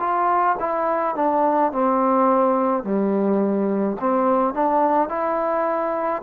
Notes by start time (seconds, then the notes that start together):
0.00 F4
0.60 E4
1.16 D4
1.72 C4
2.84 G3
4.00 C4
4.54 D4
5.09 E4